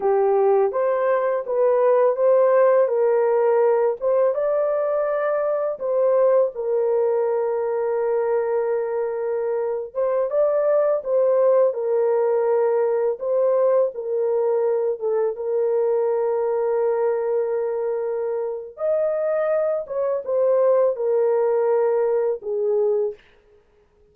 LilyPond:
\new Staff \with { instrumentName = "horn" } { \time 4/4 \tempo 4 = 83 g'4 c''4 b'4 c''4 | ais'4. c''8 d''2 | c''4 ais'2.~ | ais'4.~ ais'16 c''8 d''4 c''8.~ |
c''16 ais'2 c''4 ais'8.~ | ais'8. a'8 ais'2~ ais'8.~ | ais'2 dis''4. cis''8 | c''4 ais'2 gis'4 | }